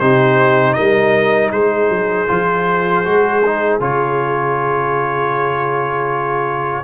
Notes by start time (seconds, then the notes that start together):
0.00 C3 D#4 G4 C5
0.74 G3 A#4 D#5
1.52 G#3 G#4 C5
1.90 F#3
2.28 F3 F4
3.05 G#3 F#4
3.46 D#4
3.80 C#3 F4 C#5